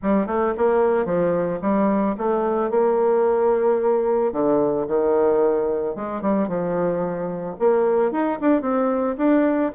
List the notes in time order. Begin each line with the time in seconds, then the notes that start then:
0.02 G3
0.27 A3
0.57 A#3
1.05 F3
1.61 G3
2.17 A3
2.70 A#3
4.32 D3
4.87 D#3
5.95 G#3
6.21 G3
6.47 F3
7.59 A#3
8.11 D#4
8.40 D4
8.61 C4
9.17 D4